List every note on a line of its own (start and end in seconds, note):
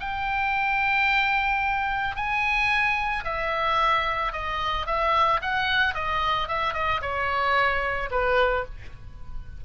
0.00 2.16 G5
2.16 3.24 G#5
3.24 4.32 E5
4.32 4.86 D#5
4.86 5.41 E5
5.42 5.94 F#5
5.94 6.48 D#5
6.48 6.73 E5
6.73 7.00 D#5
7.02 8.10 C#5
8.11 8.65 B4